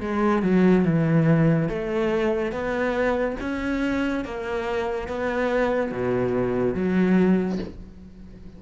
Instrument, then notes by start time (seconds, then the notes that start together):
cello
0.00 G#3
0.42 F#3
0.85 E3
1.69 A3
2.52 B3
3.40 C#4
4.24 A#3
5.07 B3
5.91 B2
6.74 F#3